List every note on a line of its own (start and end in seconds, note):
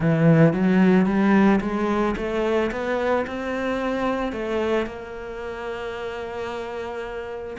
0.00 0.53 E3
0.53 1.05 F#3
1.05 1.59 G3
1.61 2.15 G#3
2.16 2.70 A3
2.71 3.25 B3
3.26 4.32 C4
4.32 4.86 A3
4.86 7.57 A#3